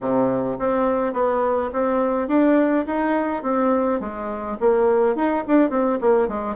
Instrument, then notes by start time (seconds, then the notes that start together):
bassoon
0.00 C3
0.58 C4
1.13 B3
1.72 C4
2.28 D4
2.86 D#4
3.43 C4
4.00 G#3
4.59 A#3
5.15 D#4
5.47 D4
5.70 C4
6.00 A#3
6.28 G#3